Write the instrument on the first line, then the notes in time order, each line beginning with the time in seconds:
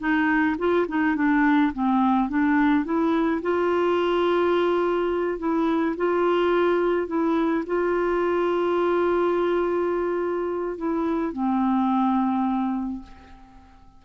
clarinet
0.00 D#4
0.59 F4
0.89 D#4
1.16 D4
1.74 C4
2.30 D4
2.85 E4
3.42 F4
5.39 E4
5.97 F4
7.08 E4
7.67 F4
10.78 E4
11.33 C4